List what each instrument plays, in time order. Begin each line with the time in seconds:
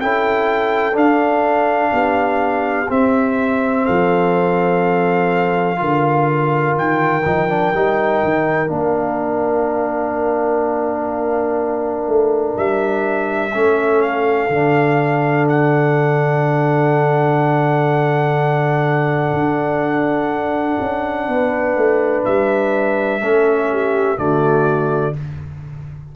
0.00 tuba C#4, trombone E4, horn A4, trumpet G5
0.93 trombone D4, tuba D4, trumpet F5
1.92 tuba B3, horn G4
2.89 trombone C4, tuba C4, trumpet E5
3.85 tuba F3, horn A4, trumpet F5
5.76 tuba D3, trombone F4, horn A#4
6.77 tuba D#3, trumpet G5
7.25 tuba F3, trombone D#4
7.49 trombone D4
7.74 tuba G3, trombone D#4
8.24 tuba D#3
8.67 tuba A#3, trombone D4, trumpet F5
12.07 tuba A3
12.57 tuba G3, trumpet E5
13.53 tuba A3, trombone C#4, horn A4
14.02 trumpet F5
14.49 tuba D3, trombone D4
15.49 trumpet F#5
19.33 tuba D4
20.80 tuba C#4
21.28 tuba B3, horn B4
21.76 tuba A3
22.25 tuba G3, trumpet E5
23.21 tuba A3, trombone C#4, horn A4
23.72 horn G4
24.17 tuba D3, trombone A3, horn F#4, trumpet D5